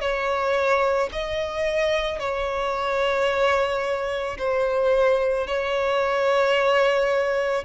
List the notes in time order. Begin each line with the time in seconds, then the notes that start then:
0.00 C#5
1.12 D#5
2.19 C#5
4.38 C5
5.46 C#5